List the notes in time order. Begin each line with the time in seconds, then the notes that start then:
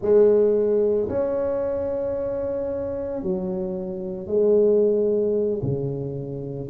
0.01 G#3
1.09 C#4
3.22 F#3
4.27 G#3
5.62 C#3